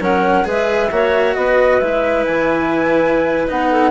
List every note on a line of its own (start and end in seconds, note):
0.00 0.45 F#3
0.00 0.44 C#4
0.00 0.46 A#4
0.00 0.47 F#5
0.44 0.91 G#3
0.44 0.89 G#4
0.44 0.92 B4
0.44 1.34 E5
0.91 1.36 A#3
0.91 1.81 F#4
0.91 1.37 C#5
1.34 1.81 B3
1.34 3.71 B4
1.34 1.79 D#5
1.79 2.26 G#3
1.79 3.48 E4
1.79 2.24 E5
2.24 3.50 E3
2.24 3.47 G#5
3.48 3.91 B3
3.48 3.91 D#4
3.48 3.91 F#5
3.71 3.91 A4